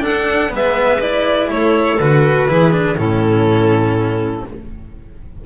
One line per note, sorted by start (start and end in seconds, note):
0.00 0.49 D4
0.00 0.51 A4
0.00 0.52 F#5
0.06 0.52 D4
0.49 1.50 G#3
0.49 0.98 B3
0.49 1.51 B4
0.55 1.01 E5
1.00 1.97 E4
1.00 1.49 D5
1.50 1.99 A3
1.50 2.49 A4
1.50 1.99 C#5
1.99 2.48 D3
1.99 2.48 F#4
1.99 2.96 B4
2.48 2.97 E3
2.48 2.71 E4
2.48 2.97 G#4
2.71 2.95 D4
2.97 4.43 A2
2.97 4.44 C#4
2.97 4.44 E4
2.97 4.45 A4